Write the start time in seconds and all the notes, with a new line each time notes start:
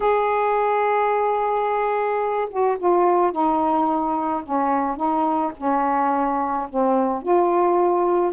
0.00 G#4
2.49 F#4
2.79 F4
3.32 D#4
4.43 C#4
4.96 D#4
5.57 C#4
6.69 C4
7.22 F4